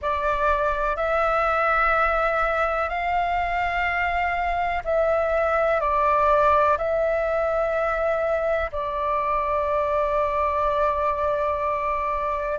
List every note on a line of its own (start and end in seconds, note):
0.01 0.96 D5
0.96 2.89 E5
2.89 4.82 F5
4.84 5.80 E5
5.80 6.77 D5
6.77 8.71 E5
8.72 12.58 D5